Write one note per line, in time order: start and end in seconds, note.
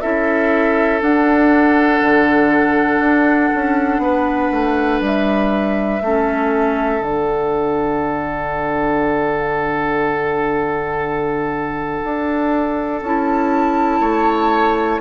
0.00 1.01 C#4
0.00 1.00 E4
0.00 4.01 A4
0.00 1.00 E5
1.00 6.00 D4
1.00 2.01 D4
1.00 5.02 F#5
2.01 2.99 D3
2.99 3.49 D4
3.54 3.98 C#4
3.98 4.48 B3
3.98 6.02 B4
4.51 5.00 A3
5.00 6.00 G3
5.00 7.03 E5
6.01 7.00 A3
6.01 7.01 C#4
6.01 14.00 A4
7.00 12.00 D3
7.00 13.01 D4
7.00 13.03 F#5
12.04 13.02 D4
13.02 14.00 C#4
13.02 15.00 E4
13.02 15.00 A5
14.00 15.00 A3
14.00 15.00 C#5